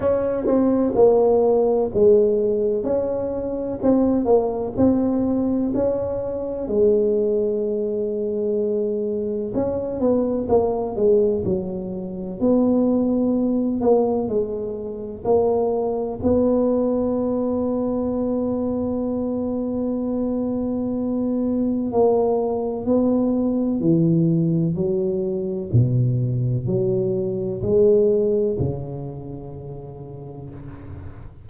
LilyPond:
\new Staff \with { instrumentName = "tuba" } { \time 4/4 \tempo 4 = 63 cis'8 c'8 ais4 gis4 cis'4 | c'8 ais8 c'4 cis'4 gis4~ | gis2 cis'8 b8 ais8 gis8 | fis4 b4. ais8 gis4 |
ais4 b2.~ | b2. ais4 | b4 e4 fis4 b,4 | fis4 gis4 cis2 | }